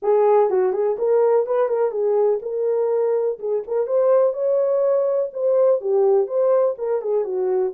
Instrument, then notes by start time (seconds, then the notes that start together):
horn
0.02 G#4
0.49 F#4
0.72 G#4
0.98 A#4
1.46 B4
1.68 A#4
1.91 G#4
2.41 A#4
3.39 G#4
3.67 A#4
3.87 C5
4.33 C#5
5.33 C5
5.80 G4
6.27 C5
6.78 A#4
7.01 G#4
7.24 F#4